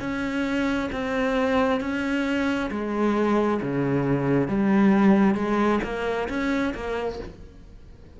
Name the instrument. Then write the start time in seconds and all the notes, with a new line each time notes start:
cello
0.00 C#4
0.92 C4
1.80 C#4
2.71 G#3
3.62 C#3
4.48 G3
5.35 G#3
5.84 A#3
6.28 C#4
6.74 A#3